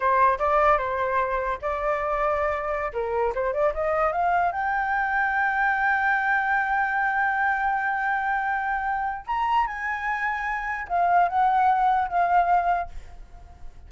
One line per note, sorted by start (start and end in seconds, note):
0.00 0.38 C5
0.38 0.77 D5
0.77 1.58 C5
1.61 2.92 D5
2.93 3.33 A#4
3.35 3.53 C5
3.53 3.73 D5
3.74 4.12 D#5
4.12 4.51 F5
4.51 9.25 G5
9.27 9.66 A#5
9.66 10.87 G#5
10.88 11.28 F5
11.28 12.08 F#5
12.08 12.89 F5